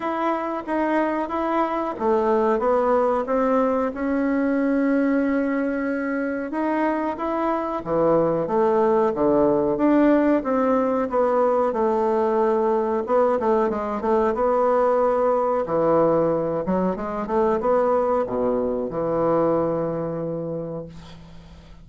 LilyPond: \new Staff \with { instrumentName = "bassoon" } { \time 4/4 \tempo 4 = 92 e'4 dis'4 e'4 a4 | b4 c'4 cis'2~ | cis'2 dis'4 e'4 | e4 a4 d4 d'4 |
c'4 b4 a2 | b8 a8 gis8 a8 b2 | e4. fis8 gis8 a8 b4 | b,4 e2. | }